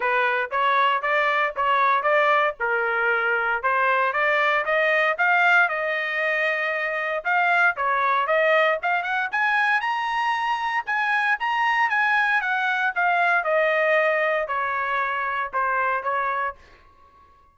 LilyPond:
\new Staff \with { instrumentName = "trumpet" } { \time 4/4 \tempo 4 = 116 b'4 cis''4 d''4 cis''4 | d''4 ais'2 c''4 | d''4 dis''4 f''4 dis''4~ | dis''2 f''4 cis''4 |
dis''4 f''8 fis''8 gis''4 ais''4~ | ais''4 gis''4 ais''4 gis''4 | fis''4 f''4 dis''2 | cis''2 c''4 cis''4 | }